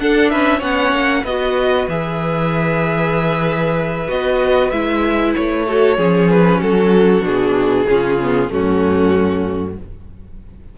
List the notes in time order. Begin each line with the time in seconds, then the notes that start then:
0.00 D4 A4 F#5
0.30 C#4 B4 E5
0.59 B3 C#4 C#5 F#5
0.92 A#3
1.24 B3 F#4 B4 D#5
1.88 E3 G#4 E5
4.08 B3 F#4 D#5
4.71 G#3 E4 E5
5.36 A3 C#5
5.67 F#4 A4
5.97 F3 C#4 G#4
6.30 B4
6.60 F#3 F#4 A4
7.22 B2 D4 G#4
7.89 C#3 C#4 F4
8.23 B3
8.50 F#2 A3 C#4 F#4